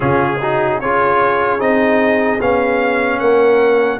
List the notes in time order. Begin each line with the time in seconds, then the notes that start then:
0.00 C#3 C#4 F4 G#4
0.39 D#4 F#4
0.80 C#4 F4 G#4 C#5
1.59 C4 D#4 D#5
2.40 B3 C#4 F5
3.19 A#3 A#4 F#5